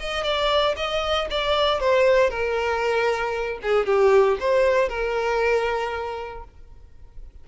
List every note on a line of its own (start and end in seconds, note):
0.00 0.24 D#5
0.24 0.75 D5
0.77 1.28 D#5
1.31 1.80 D5
1.80 2.30 C5
2.30 3.59 A#4
3.63 3.86 G#4
3.86 4.38 G4
4.40 4.89 C5
4.89 6.44 A#4